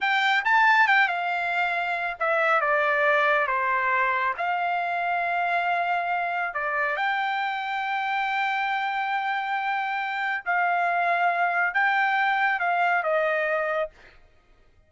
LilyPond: \new Staff \with { instrumentName = "trumpet" } { \time 4/4 \tempo 4 = 138 g''4 a''4 g''8 f''4.~ | f''4 e''4 d''2 | c''2 f''2~ | f''2. d''4 |
g''1~ | g''1 | f''2. g''4~ | g''4 f''4 dis''2 | }